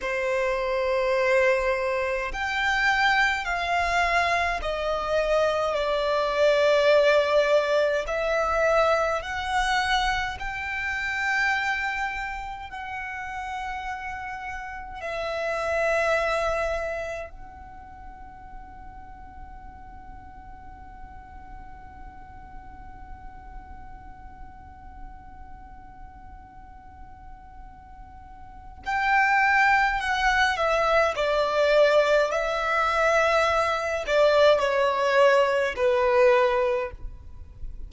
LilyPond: \new Staff \with { instrumentName = "violin" } { \time 4/4 \tempo 4 = 52 c''2 g''4 f''4 | dis''4 d''2 e''4 | fis''4 g''2 fis''4~ | fis''4 e''2 fis''4~ |
fis''1~ | fis''1~ | fis''4 g''4 fis''8 e''8 d''4 | e''4. d''8 cis''4 b'4 | }